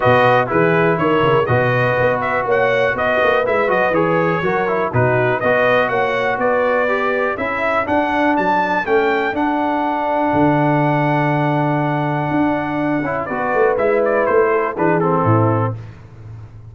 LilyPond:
<<
  \new Staff \with { instrumentName = "trumpet" } { \time 4/4 \tempo 4 = 122 dis''4 b'4 cis''4 dis''4~ | dis''8 e''8 fis''4 dis''4 e''8 dis''8 | cis''2 b'4 dis''4 | fis''4 d''2 e''4 |
fis''4 a''4 g''4 fis''4~ | fis''1~ | fis''2. d''4 | e''8 d''8 c''4 b'8 a'4. | }
  \new Staff \with { instrumentName = "horn" } { \time 4/4 b'4 gis'4 ais'4 b'4~ | b'4 cis''4 b'2~ | b'4 ais'4 fis'4 b'4 | cis''4 b'2 a'4~ |
a'1~ | a'1~ | a'2. b'4~ | b'4. a'8 gis'4 e'4 | }
  \new Staff \with { instrumentName = "trombone" } { \time 4/4 fis'4 e'2 fis'4~ | fis'2. e'8 fis'8 | gis'4 fis'8 e'8 dis'4 fis'4~ | fis'2 g'4 e'4 |
d'2 cis'4 d'4~ | d'1~ | d'2~ d'8 e'8 fis'4 | e'2 d'8 c'4. | }
  \new Staff \with { instrumentName = "tuba" } { \time 4/4 b,4 e4 dis8 cis8 b,4 | b4 ais4 b8 ais8 gis8 fis8 | e4 fis4 b,4 b4 | ais4 b2 cis'4 |
d'4 fis4 a4 d'4~ | d'4 d2.~ | d4 d'4. cis'8 b8 a8 | gis4 a4 e4 a,4 | }
>>